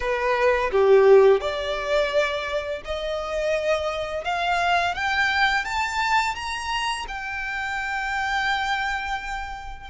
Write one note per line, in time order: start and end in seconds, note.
0.00 0.71 B4
0.71 1.41 G4
1.41 2.82 D5
2.84 4.24 D#5
4.24 4.94 F5
4.94 5.65 G5
5.65 6.35 A5
6.35 7.06 A#5
7.08 9.90 G5